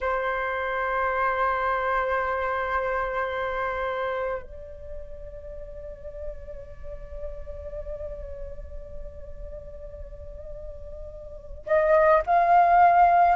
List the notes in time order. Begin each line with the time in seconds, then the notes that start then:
0.00 C5
4.42 D5
11.66 D#5
12.26 F5